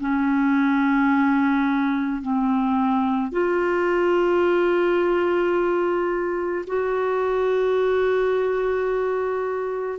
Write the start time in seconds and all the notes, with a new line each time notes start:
0.00 C#4
2.22 C4
3.32 F4
6.67 F#4